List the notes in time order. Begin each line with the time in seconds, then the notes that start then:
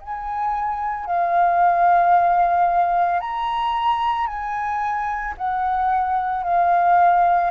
0.00 G#5
1.06 F5
3.20 A#5
4.27 G#5
5.37 F#5
6.43 F5